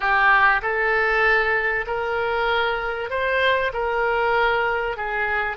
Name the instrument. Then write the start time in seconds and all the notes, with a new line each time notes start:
oboe
0.00 G4
0.62 A4
1.86 A#4
3.10 C5
3.73 A#4
4.97 G#4